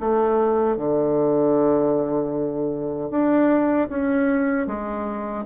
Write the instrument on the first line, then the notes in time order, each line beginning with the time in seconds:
bassoon
0.00 A3
0.77 D3
3.11 D4
3.89 C#4
4.67 G#3